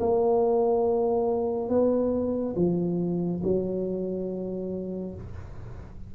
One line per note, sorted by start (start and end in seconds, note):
0.00 1.69 A#3
1.69 2.55 B3
2.56 3.42 F3
3.44 5.15 F#3